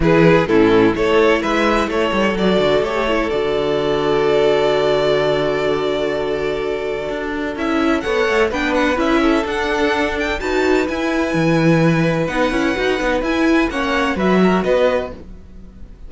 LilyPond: <<
  \new Staff \with { instrumentName = "violin" } { \time 4/4 \tempo 4 = 127 b'4 a'4 cis''4 e''4 | cis''4 d''4 cis''4 d''4~ | d''1~ | d''1 |
e''4 fis''4 g''8 fis''8 e''4 | fis''4. g''8 a''4 gis''4~ | gis''2 fis''2 | gis''4 fis''4 e''4 dis''4 | }
  \new Staff \with { instrumentName = "violin" } { \time 4/4 gis'4 e'4 a'4 b'4 | a'1~ | a'1~ | a'1~ |
a'4 cis''4 b'4. a'8~ | a'2 b'2~ | b'1~ | b'4 cis''4 b'8 ais'8 b'4 | }
  \new Staff \with { instrumentName = "viola" } { \time 4/4 e'4 cis'4 e'2~ | e'4 fis'4 g'8 e'8 fis'4~ | fis'1~ | fis'1 |
e'4 a'4 d'4 e'4 | d'2 fis'4 e'4~ | e'2 dis'8 e'8 fis'8 dis'8 | e'4 cis'4 fis'2 | }
  \new Staff \with { instrumentName = "cello" } { \time 4/4 e4 a,4 a4 gis4 | a8 g8 fis8 d8 a4 d4~ | d1~ | d2. d'4 |
cis'4 b8 a8 b4 cis'4 | d'2 dis'4 e'4 | e2 b8 cis'8 dis'8 b8 | e'4 ais4 fis4 b4 | }
>>